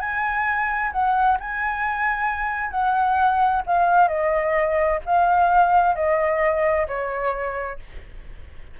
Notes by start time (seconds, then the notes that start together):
0.00 G#5
0.92 F#5
1.40 G#5
2.70 F#5
3.66 F5
4.08 D#5
5.05 F5
5.95 D#5
6.87 C#5